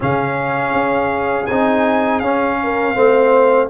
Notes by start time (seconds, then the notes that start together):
0.00 C#3 C#4 G#4 F5
0.73 C#4
1.46 C4 D#4 G#5
2.19 C#4 F5
2.63 A#4
2.94 A3 C4 C5